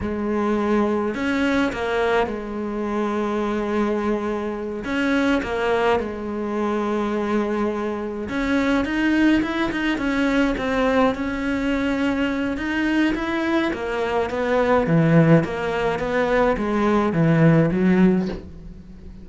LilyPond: \new Staff \with { instrumentName = "cello" } { \time 4/4 \tempo 4 = 105 gis2 cis'4 ais4 | gis1~ | gis8 cis'4 ais4 gis4.~ | gis2~ gis8 cis'4 dis'8~ |
dis'8 e'8 dis'8 cis'4 c'4 cis'8~ | cis'2 dis'4 e'4 | ais4 b4 e4 ais4 | b4 gis4 e4 fis4 | }